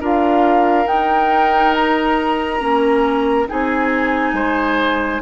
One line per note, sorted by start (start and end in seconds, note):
0.00 0.86 D4
0.00 0.85 F4
0.00 3.48 A#4
0.00 0.87 F5
0.85 2.59 D#4
0.85 1.74 G5
1.74 3.48 A#5
2.59 3.47 A#3
2.59 3.46 C#4
3.48 4.33 C4
3.48 5.22 D#4
3.48 4.35 G#4
3.48 5.22 G#5
4.33 5.20 G#3
4.33 5.22 C5